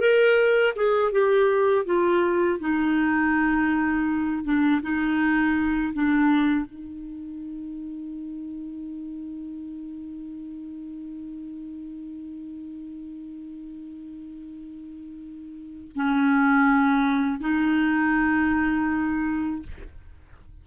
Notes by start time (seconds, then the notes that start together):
0.00 A#4
0.75 G#4
1.12 G4
1.86 F4
2.60 D#4
4.44 D4
4.82 D#4
5.93 D4
6.66 D#4
15.95 C#4
17.40 D#4